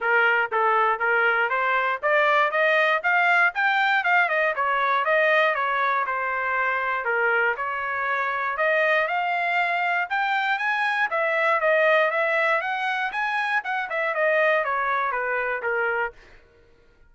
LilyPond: \new Staff \with { instrumentName = "trumpet" } { \time 4/4 \tempo 4 = 119 ais'4 a'4 ais'4 c''4 | d''4 dis''4 f''4 g''4 | f''8 dis''8 cis''4 dis''4 cis''4 | c''2 ais'4 cis''4~ |
cis''4 dis''4 f''2 | g''4 gis''4 e''4 dis''4 | e''4 fis''4 gis''4 fis''8 e''8 | dis''4 cis''4 b'4 ais'4 | }